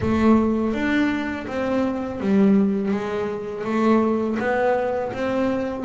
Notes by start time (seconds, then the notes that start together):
0.00 A3
0.73 D4
1.47 C4
2.20 G3
2.91 G#3
3.64 A3
4.39 B3
5.13 C4